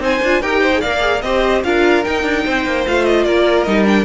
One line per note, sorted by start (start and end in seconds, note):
0.00 0.20 C4
0.00 0.21 D#4
0.00 0.42 C5
0.00 0.43 G#5
0.22 0.42 D4
0.22 0.42 F4
0.42 0.83 D#4
0.42 0.73 G4
0.42 0.61 A#4
0.42 0.81 G5
0.61 0.81 C5
0.73 0.84 G#4
0.81 1.23 A#3
0.81 1.00 A#4
0.81 1.22 D5
0.81 1.22 F5
1.00 1.21 G#4
1.22 1.64 C4
1.22 1.65 G4
1.22 1.65 C5
1.22 1.62 D#5
1.64 2.05 D4
1.64 2.04 F4
1.64 2.45 A#4
1.64 2.05 F5
2.04 2.86 D#4
2.04 2.23 D#4
2.04 2.86 G5
2.23 2.43 D4
2.45 2.66 C4
2.45 3.26 C5
2.66 2.86 A#3
2.87 3.26 A3
2.87 3.67 F4
2.87 3.05 F5
3.05 3.24 D#5
3.24 3.67 A#3
3.24 4.05 A#4
3.24 3.64 D5
3.64 4.05 G3
3.64 3.85 D#4
3.64 3.84 D#5
3.85 4.05 D4
3.85 4.05 G5